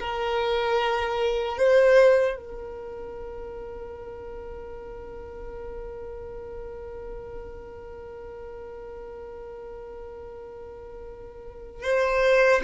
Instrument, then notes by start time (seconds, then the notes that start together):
violin
0.00 A#4
1.58 C5
2.37 A#4
11.82 C5